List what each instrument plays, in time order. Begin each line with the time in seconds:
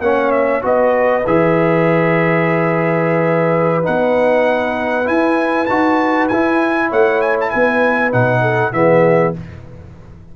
0.00 tuba A#3, trombone C#4, horn C#5, trumpet F#5
0.31 trumpet E5
0.62 tuba B3, trombone F#4, horn B4, trumpet D#5
1.27 tuba E3, trombone G#4, trumpet E5
3.83 tuba B3, trombone D#4, trumpet F#5
5.05 trombone E4, tuba E4, trumpet G#5
5.66 tuba D#4, trombone F#4, trumpet A5
6.28 tuba E4, trombone E4, trumpet G#5
6.89 tuba A3, horn C#5, trumpet F#5
7.22 trumpet G#5
7.41 trumpet A5
7.50 tuba B3, horn B4, trumpet G#5
8.12 tuba B2, trombone D#4, trumpet F#5
8.42 horn A4
8.73 tuba E3, trombone B3, horn G#4, trumpet E5